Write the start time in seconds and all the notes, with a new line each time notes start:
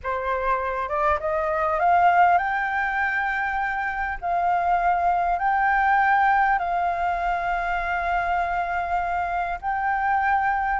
0.03 C5
0.88 D5
1.20 D#5
1.79 F5
2.38 G5
4.21 F5
5.38 G5
6.58 F5
9.61 G5